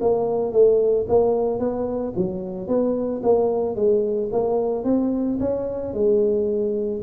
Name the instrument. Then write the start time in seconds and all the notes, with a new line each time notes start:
tuba
0.00 A#3
0.52 A3
1.08 A#3
1.59 B3
2.15 F#3
2.67 B3
3.23 A#3
3.75 G#3
4.31 A#3
4.84 C4
5.40 C#4
5.93 G#3